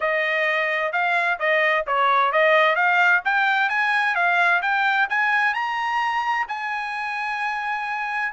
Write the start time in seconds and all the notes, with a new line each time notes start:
0.00 D#5
0.92 F5
1.39 D#5
1.87 C#5
2.32 D#5
2.75 F5
3.24 G5
3.69 G#5
4.15 F5
4.62 G5
5.09 G#5
5.54 A#5
6.48 G#5